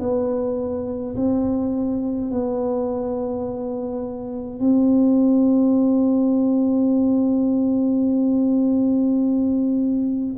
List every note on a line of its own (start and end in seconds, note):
0.00 1.15 B3
1.16 2.31 C4
2.31 4.60 B3
4.60 10.37 C4